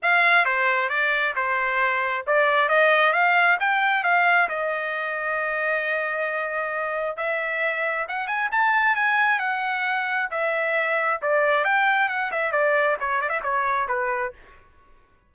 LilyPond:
\new Staff \with { instrumentName = "trumpet" } { \time 4/4 \tempo 4 = 134 f''4 c''4 d''4 c''4~ | c''4 d''4 dis''4 f''4 | g''4 f''4 dis''2~ | dis''1 |
e''2 fis''8 gis''8 a''4 | gis''4 fis''2 e''4~ | e''4 d''4 g''4 fis''8 e''8 | d''4 cis''8 d''16 e''16 cis''4 b'4 | }